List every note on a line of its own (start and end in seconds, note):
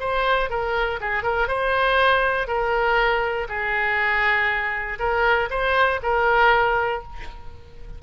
0.00 0.50 C5
0.50 1.00 A#4
1.01 1.24 G#4
1.24 1.48 A#4
1.48 2.48 C5
2.48 3.48 A#4
3.49 4.99 G#4
4.99 5.49 A#4
5.50 6.00 C5
6.03 7.03 A#4